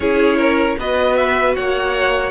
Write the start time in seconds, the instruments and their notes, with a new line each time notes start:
0.00 cello C#4, viola E4, violin G#4 C#5
0.37 violin A#4
0.78 cello B3, viola F#4, violin B4 D#5
1.15 violin E5
1.55 cello A#3, violin C#5 F#5